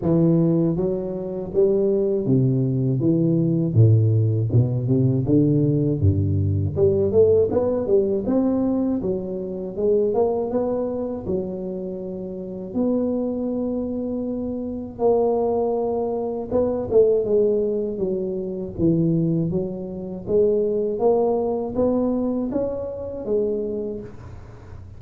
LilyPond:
\new Staff \with { instrumentName = "tuba" } { \time 4/4 \tempo 4 = 80 e4 fis4 g4 c4 | e4 a,4 b,8 c8 d4 | g,4 g8 a8 b8 g8 c'4 | fis4 gis8 ais8 b4 fis4~ |
fis4 b2. | ais2 b8 a8 gis4 | fis4 e4 fis4 gis4 | ais4 b4 cis'4 gis4 | }